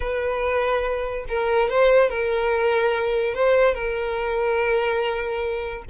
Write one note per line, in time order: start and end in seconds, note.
0.00 1.25 B4
1.28 1.69 A#4
1.69 2.09 C5
2.09 3.34 A#4
3.34 3.74 C5
3.74 5.84 A#4